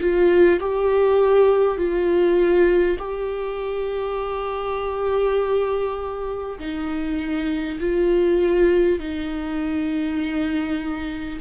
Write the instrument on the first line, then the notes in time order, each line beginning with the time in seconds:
viola
0.00 F4
0.60 G4
1.77 F4
2.99 G4
6.59 D#4
7.79 F4
8.99 D#4